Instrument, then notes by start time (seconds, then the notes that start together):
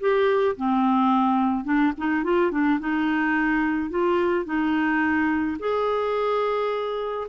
clarinet
0.00 G4
0.57 C4
1.64 D4
1.97 D#4
2.24 F4
2.51 D4
2.80 D#4
3.90 F4
4.45 D#4
5.59 G#4